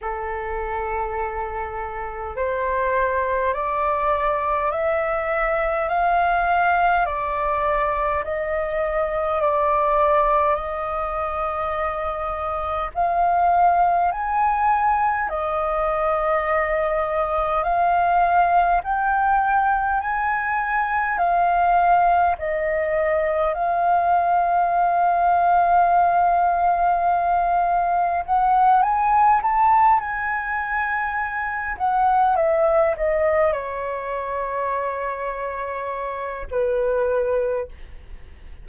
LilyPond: \new Staff \with { instrumentName = "flute" } { \time 4/4 \tempo 4 = 51 a'2 c''4 d''4 | e''4 f''4 d''4 dis''4 | d''4 dis''2 f''4 | gis''4 dis''2 f''4 |
g''4 gis''4 f''4 dis''4 | f''1 | fis''8 gis''8 a''8 gis''4. fis''8 e''8 | dis''8 cis''2~ cis''8 b'4 | }